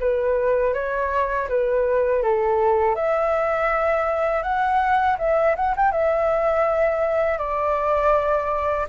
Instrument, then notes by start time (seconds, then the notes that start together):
flute
0.00 B4
0.74 C#5
1.49 B4
2.23 A4
2.95 E5
4.43 F#5
5.19 E5
5.56 F#5
5.76 G5
5.92 E5
7.38 D5